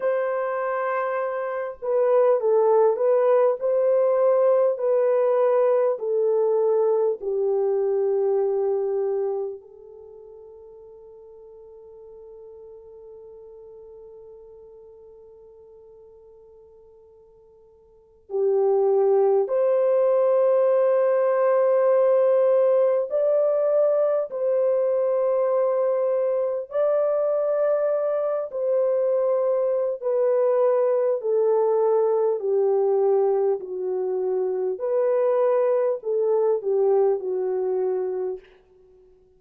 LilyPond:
\new Staff \with { instrumentName = "horn" } { \time 4/4 \tempo 4 = 50 c''4. b'8 a'8 b'8 c''4 | b'4 a'4 g'2 | a'1~ | a'2.~ a'16 g'8.~ |
g'16 c''2. d''8.~ | d''16 c''2 d''4. c''16~ | c''4 b'4 a'4 g'4 | fis'4 b'4 a'8 g'8 fis'4 | }